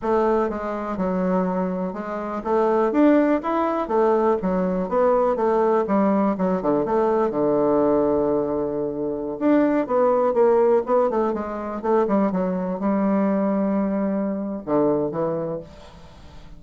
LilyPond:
\new Staff \with { instrumentName = "bassoon" } { \time 4/4 \tempo 4 = 123 a4 gis4 fis2 | gis4 a4 d'4 e'4 | a4 fis4 b4 a4 | g4 fis8 d8 a4 d4~ |
d2.~ d16 d'8.~ | d'16 b4 ais4 b8 a8 gis8.~ | gis16 a8 g8 fis4 g4.~ g16~ | g2 d4 e4 | }